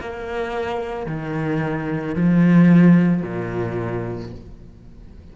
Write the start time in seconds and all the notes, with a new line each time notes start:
0.00 A#3
1.06 D#3
2.15 F3
3.22 A#2